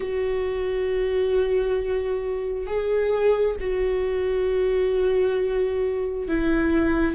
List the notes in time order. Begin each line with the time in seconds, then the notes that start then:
0.00 F#4
2.66 G#4
3.59 F#4
6.28 E4